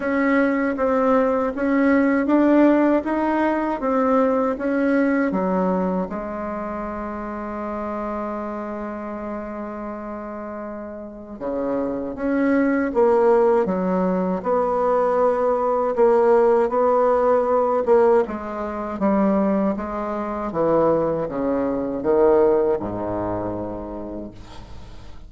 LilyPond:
\new Staff \with { instrumentName = "bassoon" } { \time 4/4 \tempo 4 = 79 cis'4 c'4 cis'4 d'4 | dis'4 c'4 cis'4 fis4 | gis1~ | gis2. cis4 |
cis'4 ais4 fis4 b4~ | b4 ais4 b4. ais8 | gis4 g4 gis4 e4 | cis4 dis4 gis,2 | }